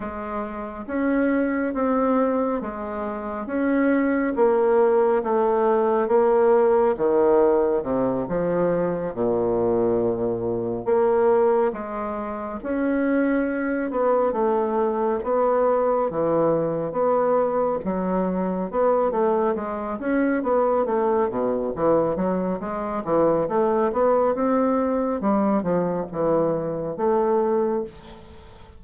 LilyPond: \new Staff \with { instrumentName = "bassoon" } { \time 4/4 \tempo 4 = 69 gis4 cis'4 c'4 gis4 | cis'4 ais4 a4 ais4 | dis4 c8 f4 ais,4.~ | ais,8 ais4 gis4 cis'4. |
b8 a4 b4 e4 b8~ | b8 fis4 b8 a8 gis8 cis'8 b8 | a8 b,8 e8 fis8 gis8 e8 a8 b8 | c'4 g8 f8 e4 a4 | }